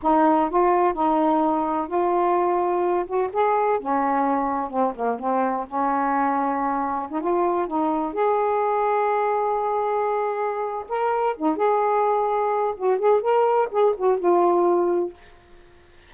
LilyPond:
\new Staff \with { instrumentName = "saxophone" } { \time 4/4 \tempo 4 = 127 dis'4 f'4 dis'2 | f'2~ f'8 fis'8 gis'4 | cis'2 c'8 ais8 c'4 | cis'2. dis'16 f'8.~ |
f'16 dis'4 gis'2~ gis'8.~ | gis'2. ais'4 | dis'8 gis'2~ gis'8 fis'8 gis'8 | ais'4 gis'8 fis'8 f'2 | }